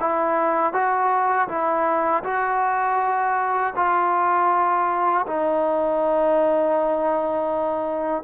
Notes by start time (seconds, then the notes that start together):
0.00 E4
0.73 F#4
1.49 E4
2.24 F#4
3.76 F4
5.27 D#4